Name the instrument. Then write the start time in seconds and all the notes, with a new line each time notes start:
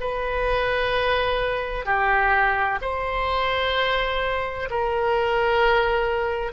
oboe
0.00 B4
1.85 G4
2.82 C5
4.70 A#4